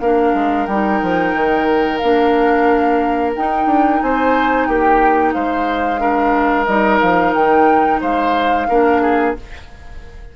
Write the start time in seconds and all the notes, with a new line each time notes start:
0.00 A#3 D4 A#4 F5
0.34 G#3
0.66 G3 D#4 G5
1.02 F3
1.35 D#3
1.98 A#3 D4 F5
3.36 D#4 G5
3.67 D4
4.02 C4 C5 G#5
4.66 A#3 G4 G5
5.33 G#3 C5 F5
5.99 D4 A#4
6.66 G3 D#4 D#5
7.00 F3 F5
7.34 D#3 G5
8.01 G#3 C5 F5
8.69 A#3 D4 A#4
9.02 G#4